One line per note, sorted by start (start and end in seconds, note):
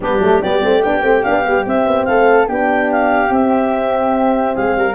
0.00 0.19 G3
0.00 0.21 B3
0.00 0.41 D4
0.00 0.42 G4
0.19 0.40 F#3
0.19 0.41 A3
0.41 0.63 G3
0.41 0.60 B3
0.41 2.07 G4
0.41 0.82 D5
0.60 0.84 A3
0.60 0.81 C4
0.82 1.02 B3
0.82 1.01 D4
0.82 1.23 G5
1.01 1.23 A3
1.01 1.22 C4
1.23 1.46 B3
1.23 1.43 D4
1.23 1.64 F5
1.43 1.66 G3
1.43 1.64 B3
1.66 1.86 C4
1.66 2.47 C4
1.66 2.04 E5
1.86 2.06 B3
2.04 2.47 A3
2.04 2.48 A4
2.04 2.46 F5
2.47 3.29 B3
2.47 3.30 D4
2.47 4.55 G4
2.47 2.91 G5
2.91 3.33 F5
3.29 4.53 C4
3.29 4.94 C4
3.29 4.55 E5
4.55 4.75 G#3
4.55 4.75 G#4
4.55 4.94 F5
4.75 4.94 G3
4.75 4.94 A#4